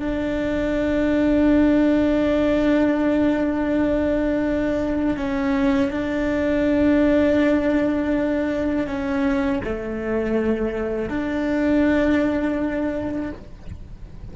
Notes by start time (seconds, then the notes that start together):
0.00 D4
5.17 C#4
5.91 D4
8.87 C#4
9.64 A3
11.10 D4